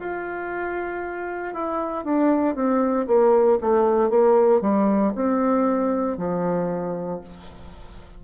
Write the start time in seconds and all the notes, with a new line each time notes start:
0.00 F4
1.54 E4
2.05 D4
2.55 C4
3.08 A#3
3.62 A3
4.10 A#3
4.62 G3
5.15 C4
6.18 F3